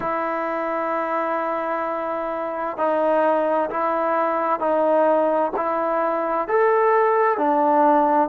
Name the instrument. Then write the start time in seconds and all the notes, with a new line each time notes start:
trombone
0.00 E4
2.77 D#4
3.69 E4
4.59 D#4
5.56 E4
6.48 A4
7.37 D4